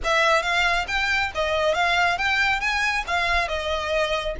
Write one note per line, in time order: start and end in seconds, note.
0.04 0.42 E5
0.42 0.86 F5
0.87 1.31 G5
1.34 1.74 D#5
1.74 2.18 F5
2.18 2.60 G5
2.60 3.04 G#5
3.07 3.47 F5
3.47 4.35 D#5